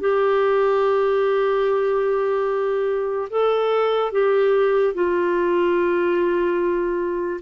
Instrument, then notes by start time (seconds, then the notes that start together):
clarinet
0.00 G4
3.30 A4
4.12 G4
4.94 F4